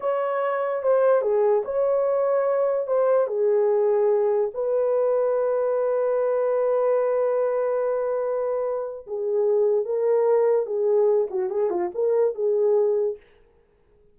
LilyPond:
\new Staff \with { instrumentName = "horn" } { \time 4/4 \tempo 4 = 146 cis''2 c''4 gis'4 | cis''2. c''4 | gis'2. b'4~ | b'1~ |
b'1~ | b'2 gis'2 | ais'2 gis'4. fis'8 | gis'8 f'8 ais'4 gis'2 | }